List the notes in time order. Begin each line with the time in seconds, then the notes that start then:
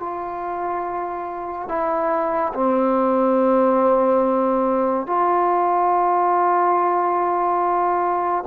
0.00 F4
1.68 E4
2.54 C4
5.06 F4